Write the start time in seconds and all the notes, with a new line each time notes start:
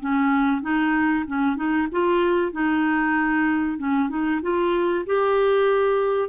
0.00 C#4
0.61 D#4
1.27 C#4
1.56 D#4
1.91 F4
2.52 D#4
3.78 C#4
4.09 D#4
4.42 F4
5.06 G4